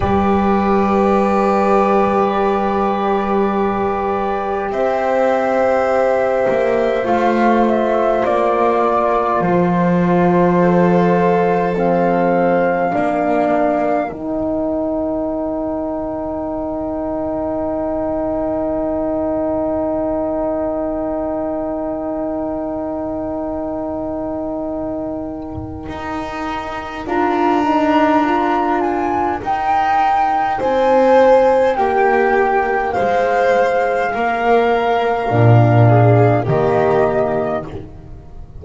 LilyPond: <<
  \new Staff \with { instrumentName = "flute" } { \time 4/4 \tempo 4 = 51 d''1 | e''2 f''8 e''8 d''4 | c''2 f''2 | g''1~ |
g''1~ | g''2. ais''4~ | ais''8 gis''8 g''4 gis''4 g''4 | f''2. dis''4 | }
  \new Staff \with { instrumentName = "violin" } { \time 4/4 b'1 | c''2.~ c''8 ais'8~ | ais'4 a'2 ais'4~ | ais'1~ |
ais'1~ | ais'1~ | ais'2 c''4 g'4 | c''4 ais'4. gis'8 g'4 | }
  \new Staff \with { instrumentName = "horn" } { \time 4/4 g'1~ | g'2 f'2~ | f'2 c'4 d'4 | dis'1~ |
dis'1~ | dis'2. f'8 dis'8 | f'4 dis'2.~ | dis'2 d'4 ais4 | }
  \new Staff \with { instrumentName = "double bass" } { \time 4/4 g1 | c'4. ais8 a4 ais4 | f2. ais4 | dis1~ |
dis1~ | dis2 dis'4 d'4~ | d'4 dis'4 c'4 ais4 | gis4 ais4 ais,4 dis4 | }
>>